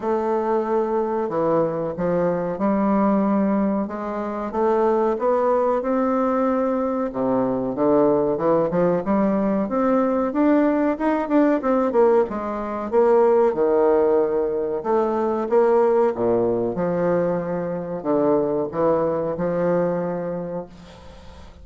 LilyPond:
\new Staff \with { instrumentName = "bassoon" } { \time 4/4 \tempo 4 = 93 a2 e4 f4 | g2 gis4 a4 | b4 c'2 c4 | d4 e8 f8 g4 c'4 |
d'4 dis'8 d'8 c'8 ais8 gis4 | ais4 dis2 a4 | ais4 ais,4 f2 | d4 e4 f2 | }